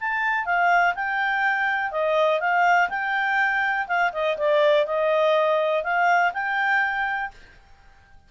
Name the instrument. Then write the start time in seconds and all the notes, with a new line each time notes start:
clarinet
0.00 A5
0.45 F5
0.95 G5
1.91 D#5
2.40 F5
2.89 G5
3.87 F5
4.12 D#5
4.37 D5
4.86 D#5
5.83 F5
6.33 G5